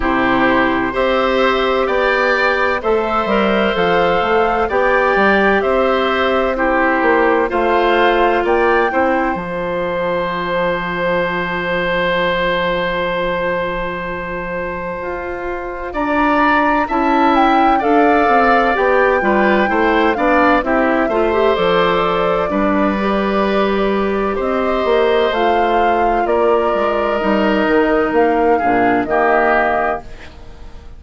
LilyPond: <<
  \new Staff \with { instrumentName = "flute" } { \time 4/4 \tempo 4 = 64 c''4 e''4 g''4 e''4 | f''4 g''4 e''4 c''4 | f''4 g''4 a''2~ | a''1~ |
a''4 ais''4 a''8 g''8 f''4 | g''4. f''8 e''4 d''4~ | d''2 dis''4 f''4 | d''4 dis''4 f''4 dis''4 | }
  \new Staff \with { instrumentName = "oboe" } { \time 4/4 g'4 c''4 d''4 c''4~ | c''4 d''4 c''4 g'4 | c''4 d''8 c''2~ c''8~ | c''1~ |
c''4 d''4 e''4 d''4~ | d''8 b'8 c''8 d''8 g'8 c''4. | b'2 c''2 | ais'2~ ais'8 gis'8 g'4 | }
  \new Staff \with { instrumentName = "clarinet" } { \time 4/4 e'4 g'2 a'8 ais'8 | a'4 g'2 e'4 | f'4. e'8 f'2~ | f'1~ |
f'2 e'4 a'4 | g'8 f'8 e'8 d'8 e'8 f'16 g'16 a'4 | d'8 g'2~ g'8 f'4~ | f'4 dis'4. d'8 ais4 | }
  \new Staff \with { instrumentName = "bassoon" } { \time 4/4 c4 c'4 b4 a8 g8 | f8 a8 b8 g8 c'4. ais8 | a4 ais8 c'8 f2~ | f1 |
f'4 d'4 cis'4 d'8 c'8 | b8 g8 a8 b8 c'8 a8 f4 | g2 c'8 ais8 a4 | ais8 gis8 g8 dis8 ais8 ais,8 dis4 | }
>>